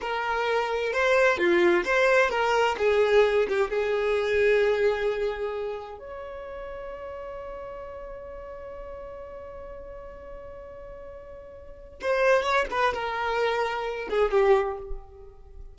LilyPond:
\new Staff \with { instrumentName = "violin" } { \time 4/4 \tempo 4 = 130 ais'2 c''4 f'4 | c''4 ais'4 gis'4. g'8 | gis'1~ | gis'4 cis''2.~ |
cis''1~ | cis''1~ | cis''2 c''4 cis''8 b'8 | ais'2~ ais'8 gis'8 g'4 | }